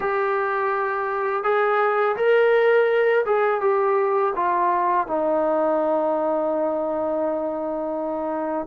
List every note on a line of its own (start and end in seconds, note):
0.00 1.43 G4
1.43 2.16 G#4
2.16 3.24 A#4
3.25 3.60 G#4
3.60 4.33 G4
4.35 5.07 F4
5.07 8.67 D#4